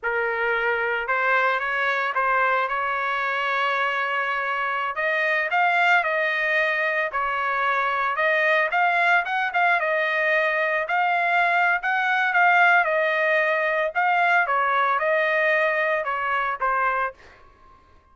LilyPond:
\new Staff \with { instrumentName = "trumpet" } { \time 4/4 \tempo 4 = 112 ais'2 c''4 cis''4 | c''4 cis''2.~ | cis''4~ cis''16 dis''4 f''4 dis''8.~ | dis''4~ dis''16 cis''2 dis''8.~ |
dis''16 f''4 fis''8 f''8 dis''4.~ dis''16~ | dis''16 f''4.~ f''16 fis''4 f''4 | dis''2 f''4 cis''4 | dis''2 cis''4 c''4 | }